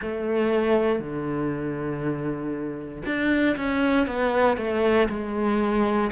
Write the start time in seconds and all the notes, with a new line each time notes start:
0.01 A3
0.99 D3
3.05 D4
3.56 C#4
4.06 B3
4.57 A3
5.09 G#3